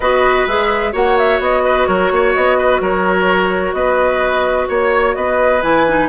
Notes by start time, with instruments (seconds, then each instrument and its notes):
0.00 bassoon B3, clarinet F#4, oboe B4, flute D#5
0.46 bassoon G#3, clarinet G#4, flute E5
0.92 bassoon A#3, clarinet F#4, oboe C#5, flute F#5
1.17 flute E5
1.39 bassoon B3, flute D#5
1.64 oboe B4
1.86 bassoon F#3, oboe A#4, flute C#5
2.11 bassoon A#3, oboe C#5
2.34 bassoon B3, flute D#5
2.57 oboe B4
2.80 bassoon F#3, oboe A#4, flute C#5
3.73 bassoon B3, oboe B4, flute D#5
4.68 bassoon A#3, oboe C#5, flute C#5
5.15 bassoon B3, oboe B4, flute D#5
5.62 bassoon E3, clarinet E4, flute G#5
5.88 clarinet D#4